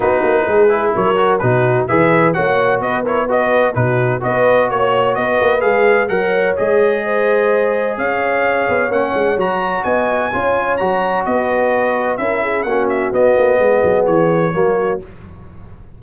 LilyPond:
<<
  \new Staff \with { instrumentName = "trumpet" } { \time 4/4 \tempo 4 = 128 b'2 cis''4 b'4 | e''4 fis''4 dis''8 cis''8 dis''4 | b'4 dis''4 cis''4 dis''4 | f''4 fis''4 dis''2~ |
dis''4 f''2 fis''4 | ais''4 gis''2 ais''4 | dis''2 e''4 fis''8 e''8 | dis''2 cis''2 | }
  \new Staff \with { instrumentName = "horn" } { \time 4/4 fis'4 gis'4 ais'4 fis'4 | b'4 cis''4 b'8 ais'8 b'4 | fis'4 b'4 cis''4 b'4~ | b'4 cis''2 c''4~ |
c''4 cis''2.~ | cis''4 dis''4 cis''2 | b'2 ais'8 gis'8 fis'4~ | fis'4 gis'2 fis'4 | }
  \new Staff \with { instrumentName = "trombone" } { \time 4/4 dis'4. e'4 fis'8 dis'4 | gis'4 fis'4. e'8 fis'4 | dis'4 fis'2. | gis'4 ais'4 gis'2~ |
gis'2. cis'4 | fis'2 f'4 fis'4~ | fis'2 e'4 cis'4 | b2. ais4 | }
  \new Staff \with { instrumentName = "tuba" } { \time 4/4 b8 ais8 gis4 fis4 b,4 | e4 ais4 b2 | b,4 b4 ais4 b8 ais8 | gis4 fis4 gis2~ |
gis4 cis'4. b8 ais8 gis8 | fis4 b4 cis'4 fis4 | b2 cis'4 ais4 | b8 ais8 gis8 fis8 e4 fis4 | }
>>